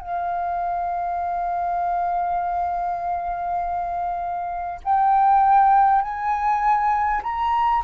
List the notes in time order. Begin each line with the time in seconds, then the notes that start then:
0.00 F5
4.84 G5
6.01 G#5
7.23 A#5